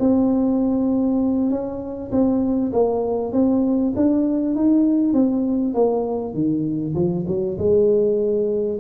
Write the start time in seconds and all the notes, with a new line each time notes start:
0.00 C4
1.51 C#4
2.12 C4
2.73 A#3
3.33 C4
3.96 D4
4.56 D#4
5.14 C4
5.74 A#3
6.34 D#3
6.96 F3
7.28 F#3
7.58 G#3